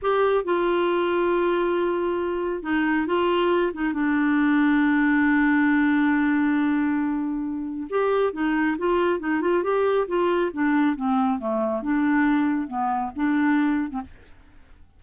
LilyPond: \new Staff \with { instrumentName = "clarinet" } { \time 4/4 \tempo 4 = 137 g'4 f'2.~ | f'2 dis'4 f'4~ | f'8 dis'8 d'2.~ | d'1~ |
d'2 g'4 dis'4 | f'4 dis'8 f'8 g'4 f'4 | d'4 c'4 a4 d'4~ | d'4 b4 d'4.~ d'16 c'16 | }